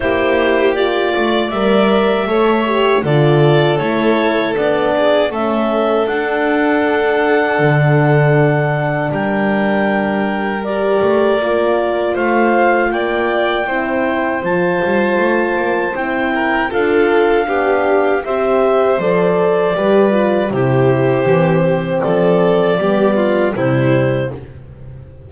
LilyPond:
<<
  \new Staff \with { instrumentName = "clarinet" } { \time 4/4 \tempo 4 = 79 c''4 d''4 e''2 | d''4 cis''4 d''4 e''4 | fis''1 | g''2 d''2 |
f''4 g''2 a''4~ | a''4 g''4 f''2 | e''4 d''2 c''4~ | c''4 d''2 c''4 | }
  \new Staff \with { instrumentName = "violin" } { \time 4/4 g'4. d''4. cis''4 | a'2~ a'8 gis'8 a'4~ | a'1 | ais'1 |
c''4 d''4 c''2~ | c''4. ais'8 a'4 g'4 | c''2 b'4 g'4~ | g'4 a'4 g'8 f'8 e'4 | }
  \new Staff \with { instrumentName = "horn" } { \time 4/4 e'4 f'4 ais'4 a'8 g'8 | f'4 e'4 d'4 cis'4 | d'1~ | d'2 g'4 f'4~ |
f'2 e'4 f'4~ | f'4 e'4 f'4 d'4 | g'4 a'4 g'8 f'8 e'4 | c'2 b4 g4 | }
  \new Staff \with { instrumentName = "double bass" } { \time 4/4 ais4. a8 g4 a4 | d4 a4 b4 a4 | d'2 d2 | g2~ g8 a8 ais4 |
a4 ais4 c'4 f8 g8 | a8 ais8 c'4 d'4 b4 | c'4 f4 g4 c4 | e4 f4 g4 c4 | }
>>